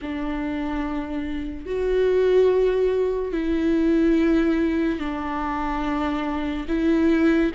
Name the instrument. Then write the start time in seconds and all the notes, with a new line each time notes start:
viola
0.02 D4
1.66 F#4
3.32 E4
4.99 D4
6.68 E4